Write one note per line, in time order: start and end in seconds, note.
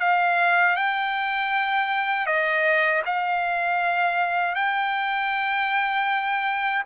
0.00 0.76 F5
0.76 2.26 G5
2.26 3.02 D#5
3.06 4.55 F5
4.55 6.83 G5